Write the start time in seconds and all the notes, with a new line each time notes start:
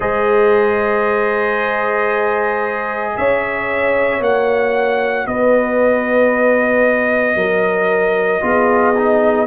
0.00 G#3 G#4 C5 D#5
3.16 C#4 C#5 E5
4.19 A#3 F#4 F#5
5.26 B3 B4 D#5
7.35 F#3 A#4
8.41 B3 F4 G#4
8.97 D#4